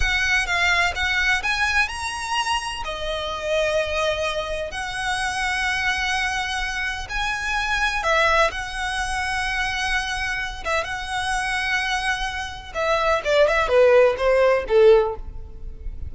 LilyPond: \new Staff \with { instrumentName = "violin" } { \time 4/4 \tempo 4 = 127 fis''4 f''4 fis''4 gis''4 | ais''2 dis''2~ | dis''2 fis''2~ | fis''2. gis''4~ |
gis''4 e''4 fis''2~ | fis''2~ fis''8 e''8 fis''4~ | fis''2. e''4 | d''8 e''8 b'4 c''4 a'4 | }